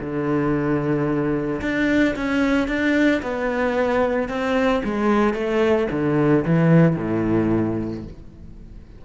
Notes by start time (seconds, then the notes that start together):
0.00 D3
1.61 D4
2.16 C#4
2.68 D4
3.22 B3
4.29 C4
4.84 G#3
5.34 A3
5.91 D3
6.45 E3
6.97 A2